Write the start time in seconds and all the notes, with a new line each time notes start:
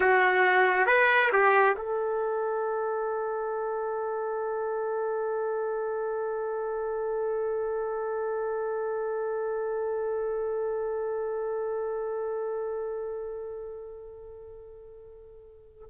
0.00 F#4
0.86 B4
1.32 G4
1.76 A4